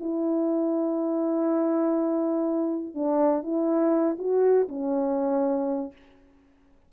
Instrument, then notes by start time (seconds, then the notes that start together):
horn
0.00 E4
2.95 D4
3.43 E4
4.19 F#4
4.69 C#4